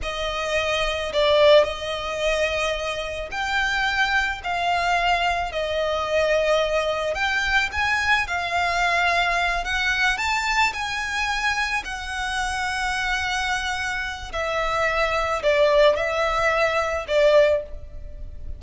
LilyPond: \new Staff \with { instrumentName = "violin" } { \time 4/4 \tempo 4 = 109 dis''2 d''4 dis''4~ | dis''2 g''2 | f''2 dis''2~ | dis''4 g''4 gis''4 f''4~ |
f''4. fis''4 a''4 gis''8~ | gis''4. fis''2~ fis''8~ | fis''2 e''2 | d''4 e''2 d''4 | }